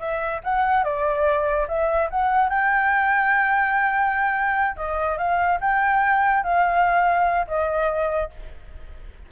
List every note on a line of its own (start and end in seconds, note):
0.00 0.41 E5
0.44 0.84 F#5
0.84 1.67 D5
1.68 2.10 E5
2.11 2.50 F#5
2.50 4.77 G5
4.77 5.18 D#5
5.18 5.60 F5
5.61 6.44 G5
6.44 7.47 F5
7.48 8.31 D#5